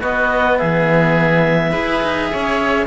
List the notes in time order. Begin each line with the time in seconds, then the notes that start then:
0.00 B3 F#4 D#5
0.57 E3 G#4 E5
1.71 E4 G#4 B4
2.02 D#4
2.32 C#4 C#5